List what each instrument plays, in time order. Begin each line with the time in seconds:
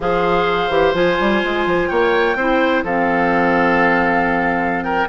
0.00 bassoon F3, clarinet G#4, oboe C5, flute F5
0.69 bassoon E3, clarinet G4
0.94 bassoon F3, clarinet F4, flute G#5
1.19 bassoon G3
1.44 bassoon G#3
1.66 bassoon F3
1.88 bassoon A#3, oboe C#5, flute G5
2.35 bassoon C4, clarinet E4, oboe C5
2.83 bassoon F3, clarinet C4, oboe A4, flute F5
4.83 oboe A#4, flute G5